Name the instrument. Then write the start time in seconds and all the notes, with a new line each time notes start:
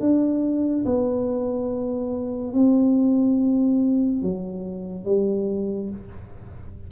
tuba
0.00 D4
0.85 B3
2.53 C4
4.22 F#3
5.05 G3